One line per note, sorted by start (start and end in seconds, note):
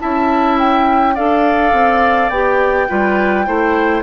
0.00 1.19 C#4
0.00 1.15 E4
0.00 1.15 E5
0.00 0.58 A5
0.59 1.17 G5
1.15 1.73 D4
1.15 2.32 A4
1.15 2.88 D5
1.15 2.30 F5
1.73 2.30 C4
2.30 2.88 B3
2.30 2.89 G4
2.30 4.03 G5
2.89 3.48 G3
2.89 3.46 F4
2.89 3.46 B4
3.46 4.03 A3
3.46 4.03 E4
3.46 4.03 C5